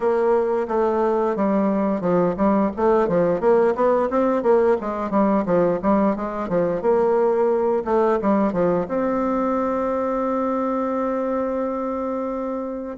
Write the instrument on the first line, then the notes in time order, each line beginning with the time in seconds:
bassoon
0.00 A#3
0.68 A3
1.35 G3
2.01 F3
2.36 G3
2.76 A3
3.07 F3
3.40 A#3
3.75 B3
4.09 C4
4.43 A#3
4.80 G#3
5.10 G3
5.45 F3
5.82 G3
6.16 G#3
6.49 F3
6.81 A#3
7.84 A3
8.21 G3
8.52 F3
8.88 C4